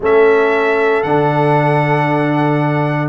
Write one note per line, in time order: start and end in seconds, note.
0.00 1.03 A3
0.00 1.05 C#4
0.00 3.09 A4
0.00 1.03 E5
1.03 3.09 D3
1.03 3.09 D4
1.03 3.09 F#5